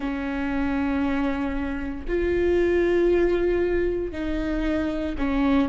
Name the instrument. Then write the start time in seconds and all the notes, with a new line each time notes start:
viola
0.00 C#4
2.08 F4
4.11 D#4
5.17 C#4